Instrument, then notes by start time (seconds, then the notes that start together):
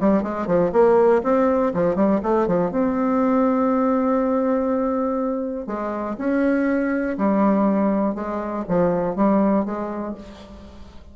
bassoon
0.00 G3
0.23 G#3
0.47 F3
0.72 A#3
1.23 C4
1.74 F3
1.95 G3
2.23 A3
2.47 F3
2.71 C4
5.67 G#3
6.18 C#4
7.17 G3
8.15 G#3
8.68 F3
9.15 G3
9.65 G#3